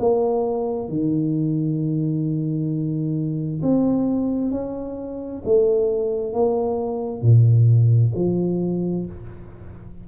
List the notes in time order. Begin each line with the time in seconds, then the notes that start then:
0.00 A#3
0.89 D#3
3.63 C4
4.52 C#4
5.45 A3
6.33 A#3
7.22 A#2
8.15 F3